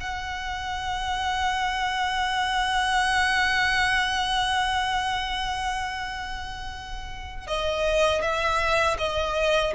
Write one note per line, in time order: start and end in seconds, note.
0.00 7.47 F#5
7.47 8.22 D#5
8.22 8.97 E5
8.98 9.73 D#5